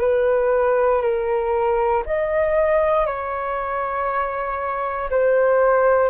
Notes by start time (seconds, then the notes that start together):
0.00 B4
1.02 A#4
2.06 D#5
3.06 C#5
5.10 C5